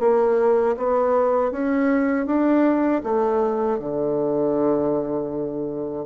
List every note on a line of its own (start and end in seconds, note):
0.00 0.76 A#3
0.77 1.52 B3
1.52 2.26 C#4
2.26 3.02 D4
3.03 3.79 A3
3.79 6.06 D3